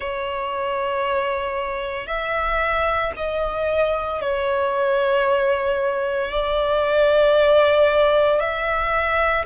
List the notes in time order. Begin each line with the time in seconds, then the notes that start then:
0.00 C#5
2.07 E5
3.16 D#5
4.21 C#5
6.31 D5
8.40 E5